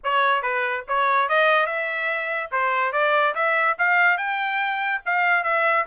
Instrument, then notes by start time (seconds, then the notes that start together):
trumpet
0.03 C#5
0.42 B4
0.88 C#5
1.28 D#5
1.66 E5
2.51 C5
2.92 D5
3.35 E5
3.78 F5
4.17 G5
5.05 F5
5.43 E5